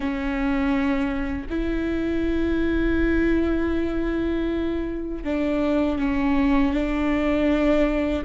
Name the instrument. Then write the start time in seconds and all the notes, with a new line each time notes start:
viola
0.00 C#4
1.49 E4
5.24 D4
5.98 C#4
6.73 D4